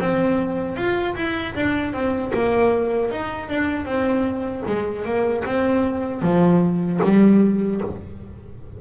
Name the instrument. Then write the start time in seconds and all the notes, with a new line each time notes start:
double bass
0.00 C4
0.76 F4
1.15 E4
1.55 D4
1.93 C4
2.33 A#3
3.11 D#4
3.49 D4
3.85 C4
4.66 G#3
5.05 A#3
5.45 C4
6.22 F3
7.03 G3